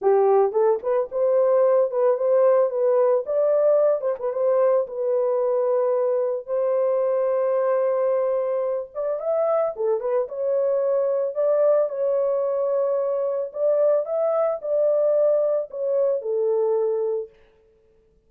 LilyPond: \new Staff \with { instrumentName = "horn" } { \time 4/4 \tempo 4 = 111 g'4 a'8 b'8 c''4. b'8 | c''4 b'4 d''4. c''16 b'16 | c''4 b'2. | c''1~ |
c''8 d''8 e''4 a'8 b'8 cis''4~ | cis''4 d''4 cis''2~ | cis''4 d''4 e''4 d''4~ | d''4 cis''4 a'2 | }